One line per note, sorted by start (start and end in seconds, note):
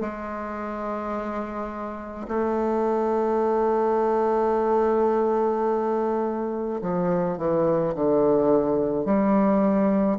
0.00 2.26 G#3
2.28 6.81 A3
6.81 7.37 F3
7.37 7.94 E3
7.95 9.05 D3
9.05 10.18 G3